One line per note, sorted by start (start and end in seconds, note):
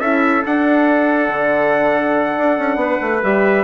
0.00 0.43 C#4
0.00 0.45 E4
0.00 2.79 A4
0.00 0.43 E5
0.45 3.23 D4
0.45 1.29 D4
0.45 3.24 F#5
1.29 2.36 D3
2.38 2.59 D4
2.59 2.76 C#4
2.76 2.97 B3
2.76 3.65 B4
3.02 3.23 A3
3.23 3.65 G3
3.23 3.65 G4
3.23 3.65 E5